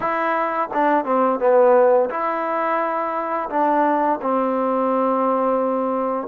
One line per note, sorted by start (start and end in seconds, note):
0.00 0.69 E4
0.73 1.05 D4
1.05 1.40 C4
1.40 2.09 B3
2.09 3.49 E4
3.49 4.19 D4
4.21 6.27 C4